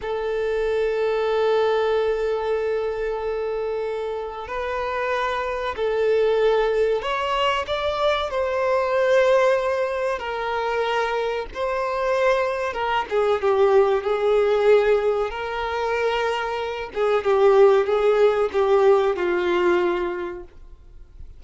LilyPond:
\new Staff \with { instrumentName = "violin" } { \time 4/4 \tempo 4 = 94 a'1~ | a'2. b'4~ | b'4 a'2 cis''4 | d''4 c''2. |
ais'2 c''2 | ais'8 gis'8 g'4 gis'2 | ais'2~ ais'8 gis'8 g'4 | gis'4 g'4 f'2 | }